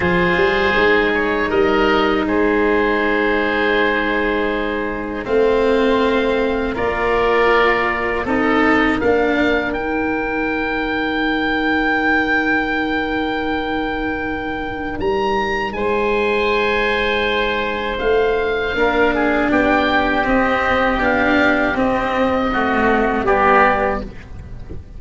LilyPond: <<
  \new Staff \with { instrumentName = "oboe" } { \time 4/4 \tempo 4 = 80 c''4. cis''8 dis''4 c''4~ | c''2. f''4~ | f''4 d''2 dis''4 | f''4 g''2.~ |
g''1 | ais''4 gis''2. | f''2 g''4 dis''4 | f''4 dis''2 d''4 | }
  \new Staff \with { instrumentName = "oboe" } { \time 4/4 gis'2 ais'4 gis'4~ | gis'2. c''4~ | c''4 ais'2 a'4 | ais'1~ |
ais'1~ | ais'4 c''2.~ | c''4 ais'8 gis'8 g'2~ | g'2 fis'4 g'4 | }
  \new Staff \with { instrumentName = "cello" } { \time 4/4 f'4 dis'2.~ | dis'2. c'4~ | c'4 f'2 dis'4 | d'4 dis'2.~ |
dis'1~ | dis'1~ | dis'4 d'2 c'4 | d'4 c'4 a4 b4 | }
  \new Staff \with { instrumentName = "tuba" } { \time 4/4 f8 g8 gis4 g4 gis4~ | gis2. a4~ | a4 ais2 c'4 | ais4 dis'2.~ |
dis'1 | g4 gis2. | a4 ais4 b4 c'4 | b4 c'2 g4 | }
>>